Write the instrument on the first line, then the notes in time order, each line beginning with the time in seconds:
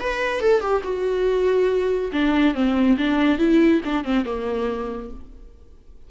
viola
0.00 B4
0.41 A4
0.61 G4
0.84 F#4
2.12 D4
2.54 C4
2.98 D4
3.38 E4
3.85 D4
4.04 C4
4.25 A#3